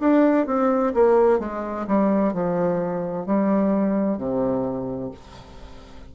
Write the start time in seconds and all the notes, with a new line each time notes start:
0.00 D4
0.46 C4
0.94 A#3
1.39 G#3
1.87 G3
2.33 F3
3.26 G3
4.18 C3